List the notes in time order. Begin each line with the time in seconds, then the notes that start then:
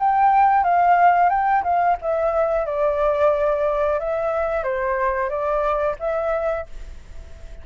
0.00 G5
0.64 F5
1.30 G5
1.64 F5
2.02 E5
2.66 D5
4.00 E5
4.64 C5
5.30 D5
6.00 E5